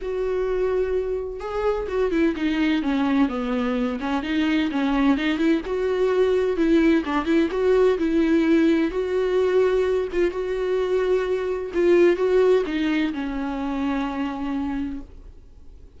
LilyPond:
\new Staff \with { instrumentName = "viola" } { \time 4/4 \tempo 4 = 128 fis'2. gis'4 | fis'8 e'8 dis'4 cis'4 b4~ | b8 cis'8 dis'4 cis'4 dis'8 e'8 | fis'2 e'4 d'8 e'8 |
fis'4 e'2 fis'4~ | fis'4. f'8 fis'2~ | fis'4 f'4 fis'4 dis'4 | cis'1 | }